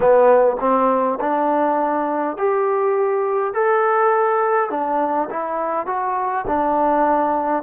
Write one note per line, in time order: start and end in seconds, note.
0.00 0.56 B3
0.59 1.18 C4
1.20 2.37 D4
2.37 3.53 G4
3.53 4.70 A4
4.70 5.28 D4
5.29 5.86 E4
5.86 6.45 F#4
6.47 7.63 D4